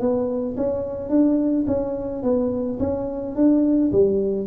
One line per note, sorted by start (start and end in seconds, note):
0.00 0.56 B3
0.57 1.10 C#4
1.10 1.66 D4
1.67 2.23 C#4
2.23 2.79 B3
2.80 3.36 C#4
3.36 3.92 D4
3.92 4.47 G3